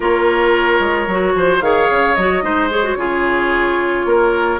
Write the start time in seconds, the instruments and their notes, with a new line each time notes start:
0.00 bassoon A#3, clarinet F4, oboe A#4, flute C#5
0.79 bassoon G#3
1.07 bassoon F#3, clarinet F#4
1.34 bassoon F3, oboe C5
1.60 bassoon D#3, clarinet G#4, oboe C#5, flute F5
1.90 bassoon C#3
2.15 bassoon F#3, clarinet F#4, flute D#5
2.41 bassoon G#3, clarinet D#4, oboe C5
2.70 clarinet G#4, flute C#5
2.83 clarinet F#4
2.95 bassoon C#3, clarinet F4, oboe G#4
4.05 bassoon A#3, oboe A#4